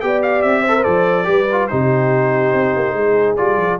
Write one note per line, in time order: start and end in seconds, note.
0.00 0.43 B3
0.00 0.64 G4
0.00 0.61 D5
0.00 0.21 G5
0.22 0.42 F5
0.42 0.85 C4
0.42 0.83 E5
0.61 1.24 C5
0.67 0.76 A4
0.76 0.83 A#4
0.83 1.27 F3
0.83 1.24 A4
0.83 1.67 D5
1.24 1.69 G3
1.24 1.44 G4
1.24 1.70 B4
1.51 1.70 F4
1.67 2.53 C3
1.67 3.37 D#4
1.67 2.94 G4
1.67 3.35 C5
2.53 2.74 C4
2.76 2.93 A#3
2.93 3.35 G#3
2.93 3.78 G#4
3.36 3.57 G3
3.36 3.79 F4
3.36 3.78 D5
3.57 3.78 F3